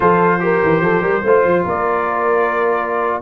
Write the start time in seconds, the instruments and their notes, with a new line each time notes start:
0.00 tuba F3, trombone F4, horn A4, trumpet C5
0.40 trombone G4, horn A#4
0.63 tuba E3
0.81 tuba F3, horn A4
1.01 tuba G3, horn A#4
1.23 tuba A3, trombone F4, horn C5
1.44 tuba F3
1.64 tuba A#3, horn A#4, trumpet D5